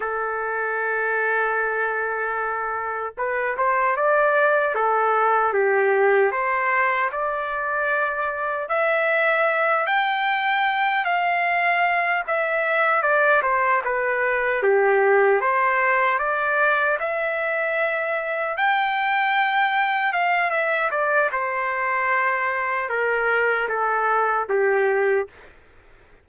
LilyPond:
\new Staff \with { instrumentName = "trumpet" } { \time 4/4 \tempo 4 = 76 a'1 | b'8 c''8 d''4 a'4 g'4 | c''4 d''2 e''4~ | e''8 g''4. f''4. e''8~ |
e''8 d''8 c''8 b'4 g'4 c''8~ | c''8 d''4 e''2 g''8~ | g''4. f''8 e''8 d''8 c''4~ | c''4 ais'4 a'4 g'4 | }